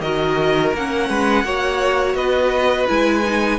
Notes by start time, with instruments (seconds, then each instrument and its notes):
0.00 cello D#3, viola F#4, violin A#4 D#5
0.73 cello A#3, viola C#4, violin F#5
1.08 cello G#3, violin B4
1.43 cello A#3, viola F#4, violin C#5
2.14 cello B3, violin B4 D#5
2.87 cello G#3, viola E4, violin G#5
3.24 viola D#4